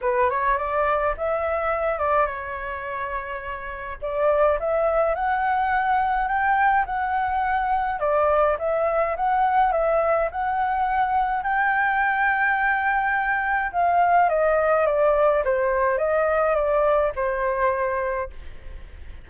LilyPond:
\new Staff \with { instrumentName = "flute" } { \time 4/4 \tempo 4 = 105 b'8 cis''8 d''4 e''4. d''8 | cis''2. d''4 | e''4 fis''2 g''4 | fis''2 d''4 e''4 |
fis''4 e''4 fis''2 | g''1 | f''4 dis''4 d''4 c''4 | dis''4 d''4 c''2 | }